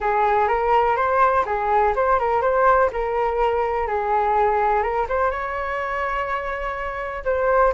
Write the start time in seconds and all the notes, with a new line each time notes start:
0.00 G#4
0.48 A#4
0.96 C5
1.45 G#4
1.95 C5
2.19 A#4
2.41 C5
2.92 A#4
3.87 G#4
4.82 A#4
5.09 C5
5.30 C#5
7.25 C5